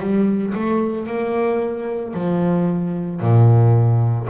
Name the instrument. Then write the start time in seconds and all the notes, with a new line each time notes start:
double bass
0.00 G3
0.55 A3
1.07 A#3
2.14 F3
3.20 A#2